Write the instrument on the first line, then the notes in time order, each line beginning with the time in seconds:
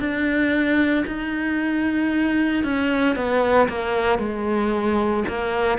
cello
0.00 D4
1.07 D#4
2.64 C#4
3.16 B3
3.69 A#3
4.19 G#3
5.29 A#3